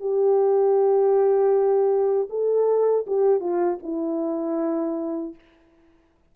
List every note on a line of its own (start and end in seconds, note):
0.00 2.28 G4
2.30 3.06 A4
3.07 3.40 G4
3.40 3.78 F4
3.83 5.35 E4